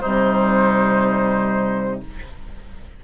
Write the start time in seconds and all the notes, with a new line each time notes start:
0.00 C3 G3 D#4 C5